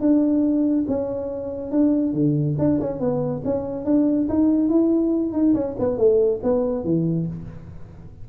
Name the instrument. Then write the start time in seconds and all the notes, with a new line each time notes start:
tuba
0.00 D4
0.88 C#4
1.71 D4
2.13 D3
2.59 D4
2.80 C#4
3.00 B3
3.45 C#4
3.85 D4
4.29 D#4
4.69 E4
5.33 D#4
5.54 C#4
5.79 B3
5.98 A3
6.43 B3
6.84 E3